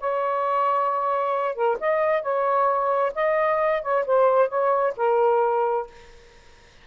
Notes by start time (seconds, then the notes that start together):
0.00 C#5
1.55 A#4
1.80 D#5
2.22 C#5
3.15 D#5
3.82 C#5
4.06 C5
4.48 C#5
4.96 A#4